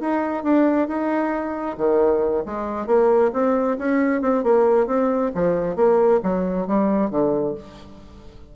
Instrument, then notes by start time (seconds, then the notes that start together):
bassoon
0.00 D#4
0.43 D4
0.87 D#4
1.77 D#3
2.45 G#3
2.86 A#3
3.33 C4
3.78 C#4
4.21 C4
4.43 A#3
4.86 C4
5.34 F3
5.75 A#3
6.23 F#3
6.67 G3
7.10 D3